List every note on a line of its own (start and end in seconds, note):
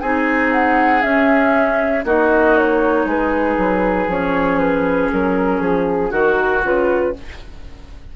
0.00 1.03 C4
0.00 1.01 D#4
0.00 2.04 G#4
0.00 0.51 G#5
0.52 1.02 F#5
1.01 2.03 C#4
1.01 2.05 C#4
1.01 2.04 E5
2.05 3.05 A#3
2.05 4.09 D#4
2.05 3.06 F#4
2.05 2.57 D#5
2.57 3.08 C#5
3.05 3.56 G#3
3.05 6.10 G#4
3.05 4.10 B4
3.57 4.07 F#3
4.07 5.09 F3
4.07 6.10 C#4
4.07 4.59 C#5
4.59 5.10 B4
5.12 5.60 F#3
5.12 5.61 A#4
5.60 6.11 F3
5.60 6.12 G#4
6.10 6.62 D#3
6.10 7.11 F#4
6.10 6.61 F#4
6.10 6.63 A#4
6.62 7.14 C#3
6.62 7.13 F4
6.62 7.16 B4